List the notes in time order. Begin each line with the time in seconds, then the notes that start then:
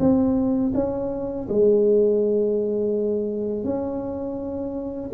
0.00 C4
0.75 C#4
1.49 G#3
3.64 C#4